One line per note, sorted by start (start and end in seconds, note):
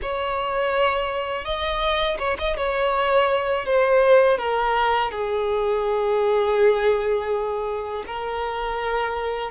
0.02 1.44 C#5
1.44 2.18 D#5
2.19 2.37 C#5
2.38 2.56 D#5
2.56 3.66 C#5
3.66 4.38 C5
4.38 5.11 A#4
5.11 8.04 G#4
8.07 9.51 A#4